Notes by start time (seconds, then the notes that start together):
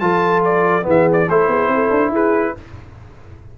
0.00 F3 F4 A4 A5
0.45 D5
0.82 E3 B3 G#4
0.90 E5
1.12 D5
1.29 A3 E4 A4 C5
1.48 B3 G#4
1.68 C4
1.74 A4
1.90 D4
2.10 E4 G#4
2.16 B4